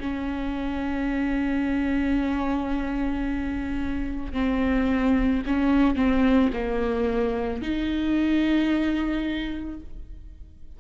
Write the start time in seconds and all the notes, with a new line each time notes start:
0.00 C#4
4.32 C4
5.46 C#4
5.96 C4
6.53 A#3
7.62 D#4